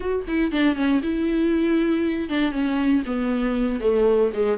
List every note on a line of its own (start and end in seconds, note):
0.00 0.24 F#4
0.27 0.51 E4
0.51 0.75 D4
0.75 1.01 C#4
1.03 2.29 E4
2.29 2.51 D4
2.51 3.02 C#4
3.06 3.80 B3
3.80 4.31 A3
4.33 4.58 G#3